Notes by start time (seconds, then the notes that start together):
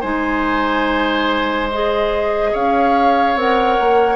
0.00 G#3 D#4 C5 G#5
1.71 G#4 D#5
2.52 C#4 C#5 F5
3.35 C4 A#4 F#5
3.80 A#3